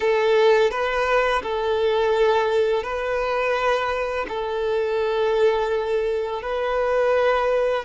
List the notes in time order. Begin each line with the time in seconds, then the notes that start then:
0.00 A4
0.70 B4
1.43 A4
2.83 B4
4.28 A4
6.42 B4